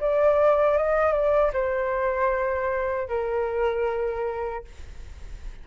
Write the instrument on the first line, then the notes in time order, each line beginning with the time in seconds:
flute
0.00 D5
0.77 D#5
1.12 D5
1.53 C5
3.09 A#4